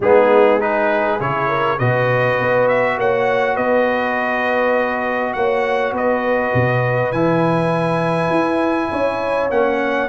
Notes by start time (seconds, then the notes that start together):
0.00 G#3 B3 D#4 G#4
0.59 D#4 G#4 B4
1.19 C#3 E4 C#5
1.48 A#4
1.78 B2 F#4 B4 D#5
2.39 B3
2.68 E5
2.97 A#3 C#5 F#5
3.55 B3 B4 D#5
5.33 A#3 C#5 F#5
5.92 B3 B4 D#5
6.54 B2
7.12 E3 E4 G#5
8.29 E4
8.90 C#4 C#5
9.50 A#3 C#4 F#5